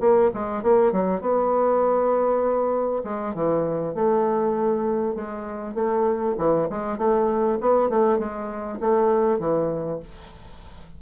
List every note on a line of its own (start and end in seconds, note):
0.00 0.30 A#3
0.34 0.63 G#3
0.63 0.92 A#3
0.92 1.21 F#3
1.21 3.03 B3
3.04 3.34 G#3
3.34 3.94 E3
3.94 5.15 A3
5.15 5.75 G#3
5.75 6.35 A3
6.38 6.68 E3
6.70 6.98 G#3
6.98 7.58 A3
7.60 7.89 B3
7.89 8.18 A3
8.18 8.79 G#3
8.80 9.39 A3
9.39 9.99 E3